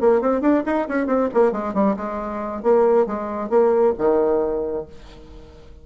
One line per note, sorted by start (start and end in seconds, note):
0.00 0.21 A#3
0.21 0.41 C4
0.41 0.63 D4
0.66 0.88 D#4
0.88 1.07 C#4
1.07 1.29 C4
1.34 1.52 A#3
1.52 1.74 G#3
1.74 1.96 G3
1.96 2.62 G#3
2.62 3.06 A#3
3.06 3.49 G#3
3.49 3.93 A#3
3.98 4.86 D#3